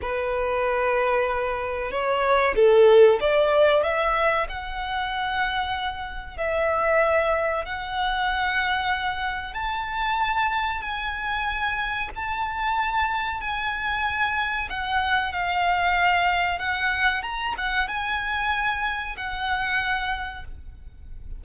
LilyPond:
\new Staff \with { instrumentName = "violin" } { \time 4/4 \tempo 4 = 94 b'2. cis''4 | a'4 d''4 e''4 fis''4~ | fis''2 e''2 | fis''2. a''4~ |
a''4 gis''2 a''4~ | a''4 gis''2 fis''4 | f''2 fis''4 ais''8 fis''8 | gis''2 fis''2 | }